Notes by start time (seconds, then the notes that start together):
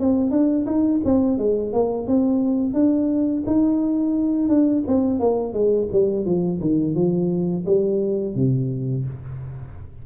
0.00 C4
0.31 D4
0.66 D#4
1.05 C4
1.38 G#3
1.73 A#3
2.08 C4
2.74 D4
3.47 D#4
4.49 D4
4.88 C4
5.20 A#3
5.54 G#3
5.93 G3
6.25 F3
6.61 D#3
6.95 F3
7.66 G3
8.36 C3